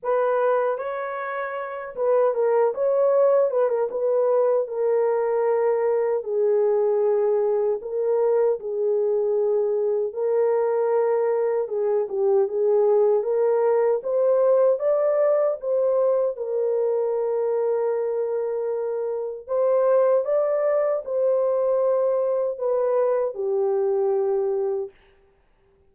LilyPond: \new Staff \with { instrumentName = "horn" } { \time 4/4 \tempo 4 = 77 b'4 cis''4. b'8 ais'8 cis''8~ | cis''8 b'16 ais'16 b'4 ais'2 | gis'2 ais'4 gis'4~ | gis'4 ais'2 gis'8 g'8 |
gis'4 ais'4 c''4 d''4 | c''4 ais'2.~ | ais'4 c''4 d''4 c''4~ | c''4 b'4 g'2 | }